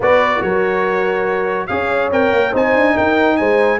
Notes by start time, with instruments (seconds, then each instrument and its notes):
0.00 tuba B3, trombone F#4, horn B4, trumpet D5
0.41 tuba F#3, horn A#4, trumpet C#5
1.66 tuba C#4, trombone G#4, horn C#5, trumpet F5
2.11 tuba C4, trombone A#4, trumpet G5
2.32 tuba A#3
2.51 tuba C4, trombone D#4, horn C5, trumpet G#5
2.75 tuba D4
2.94 tuba D#4, horn A#4, trumpet G5
3.36 tuba G#3, horn C5, trumpet G#5